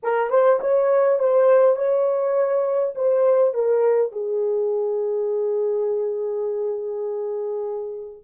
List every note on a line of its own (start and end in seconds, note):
0.03 0.30 A#4
0.30 0.59 C5
0.60 1.19 C#5
1.19 1.75 C5
1.75 2.93 C#5
2.95 3.53 C5
3.53 4.12 A#4
4.12 8.23 G#4